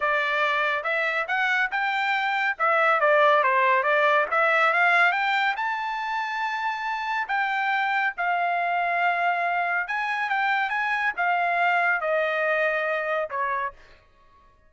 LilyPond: \new Staff \with { instrumentName = "trumpet" } { \time 4/4 \tempo 4 = 140 d''2 e''4 fis''4 | g''2 e''4 d''4 | c''4 d''4 e''4 f''4 | g''4 a''2.~ |
a''4 g''2 f''4~ | f''2. gis''4 | g''4 gis''4 f''2 | dis''2. cis''4 | }